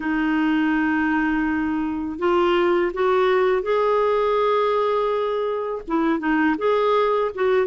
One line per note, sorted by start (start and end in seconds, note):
0.00 2.18 D#4
2.18 2.91 F4
2.93 3.62 F#4
3.62 5.81 G#4
5.87 6.19 E4
6.19 6.55 D#4
6.58 7.31 G#4
7.34 7.66 F#4